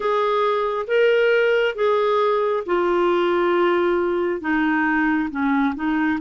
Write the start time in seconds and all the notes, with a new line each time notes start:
0.00 G#4
0.87 A#4
1.75 G#4
2.66 F4
4.40 D#4
5.30 C#4
5.75 D#4